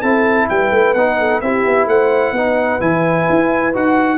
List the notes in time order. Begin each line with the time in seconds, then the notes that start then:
0.00 C4 E4 A4 A5
0.49 G3 B4 G5
0.71 A3
0.94 B3 D#4 F#5
1.19 A4
1.41 C4 E4 G4 E5
1.65 B3
1.86 A3 C5 F#5
2.32 B3 D#4 B4
2.80 E3 E4 G#5
3.29 E4
3.73 D#4 F#4 F#5